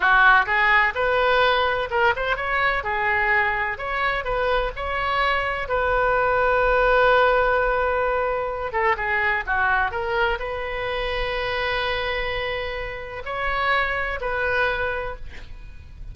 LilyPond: \new Staff \with { instrumentName = "oboe" } { \time 4/4 \tempo 4 = 127 fis'4 gis'4 b'2 | ais'8 c''8 cis''4 gis'2 | cis''4 b'4 cis''2 | b'1~ |
b'2~ b'8 a'8 gis'4 | fis'4 ais'4 b'2~ | b'1 | cis''2 b'2 | }